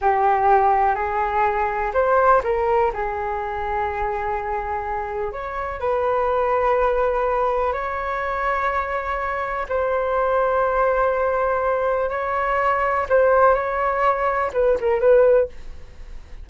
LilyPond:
\new Staff \with { instrumentName = "flute" } { \time 4/4 \tempo 4 = 124 g'2 gis'2 | c''4 ais'4 gis'2~ | gis'2. cis''4 | b'1 |
cis''1 | c''1~ | c''4 cis''2 c''4 | cis''2 b'8 ais'8 b'4 | }